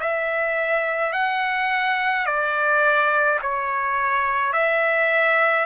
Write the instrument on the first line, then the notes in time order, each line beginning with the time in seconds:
trumpet
0.00 E5
1.12 F#5
2.25 D5
3.42 C#5
4.52 E5